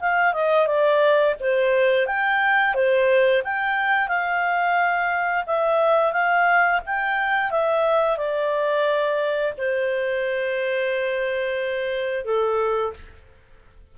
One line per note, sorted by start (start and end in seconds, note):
0.00 0.33 F5
0.33 0.67 D#5
0.67 1.35 D5
1.40 2.06 C5
2.06 2.74 G5
2.74 3.42 C5
3.44 4.08 G5
4.08 5.44 F5
5.46 6.12 E5
6.12 6.81 F5
6.86 7.51 G5
7.51 8.17 E5
8.17 9.54 D5
9.57 12.25 C5
12.25 12.93 A4